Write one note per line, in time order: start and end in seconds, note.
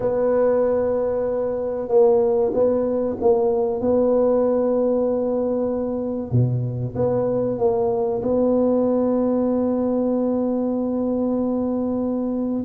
0.00 1.88 B3
1.88 2.51 A#3
2.53 3.16 B3
3.20 3.81 A#3
3.81 6.31 B3
6.31 6.94 B2
6.95 7.58 B3
7.58 8.21 A#3
8.22 12.64 B3